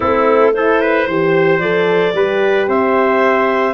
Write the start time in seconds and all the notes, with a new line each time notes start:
0.00 A3 C4 E4 A4
0.53 E4 A4 C5
0.81 B4
1.06 E3 G4 C5
1.58 F3 A4 D5
2.14 G3 G4 B4
2.67 C4 C5 E5